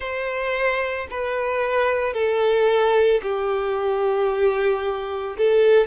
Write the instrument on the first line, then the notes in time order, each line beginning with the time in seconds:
violin
0.00 C5
1.10 B4
2.13 A4
3.22 G4
5.37 A4